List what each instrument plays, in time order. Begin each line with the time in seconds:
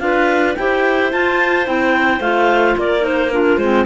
0.00 cello D4, clarinet F4 B4 F5
0.56 cello E4, clarinet G4 C5 G5
1.12 clarinet F4 A5, cello F4
1.65 cello C4, clarinet E4 G5
2.21 cello A3, clarinet F4 F5
2.78 cello A#3, clarinet A#4 D5
3.00 clarinet D#4 C5
3.31 clarinet D4 F4 A#4
3.58 cello G#3, clarinet C4 C5